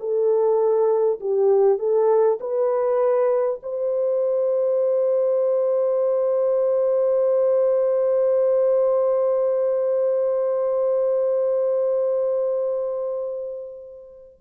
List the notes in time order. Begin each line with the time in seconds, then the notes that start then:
0.00 A4
1.20 G4
1.78 A4
2.40 B4
3.63 C5